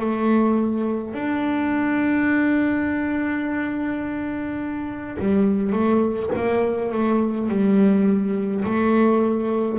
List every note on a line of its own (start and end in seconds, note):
0.00 1.14 A3
1.14 5.18 D4
5.19 5.73 G3
5.73 6.31 A3
6.36 6.92 A#3
6.92 7.49 A3
7.49 8.65 G3
8.65 9.80 A3